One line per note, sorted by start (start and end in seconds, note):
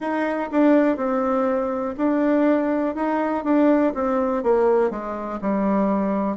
0.00 0.49 D#4
0.51 0.97 D4
0.97 1.95 C4
1.97 2.95 D4
2.95 3.43 D#4
3.43 3.93 D4
3.94 4.43 C4
4.43 4.90 A#3
4.90 5.39 G#3
5.41 6.36 G3